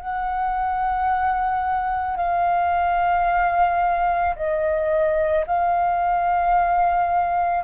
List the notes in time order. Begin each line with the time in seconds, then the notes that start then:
0.00 F#5
2.17 F5
4.36 D#5
5.47 F5